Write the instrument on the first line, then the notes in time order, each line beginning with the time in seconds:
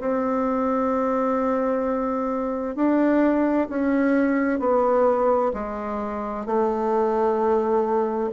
bassoon
0.00 C4
2.76 D4
3.69 C#4
4.60 B3
5.54 G#3
6.46 A3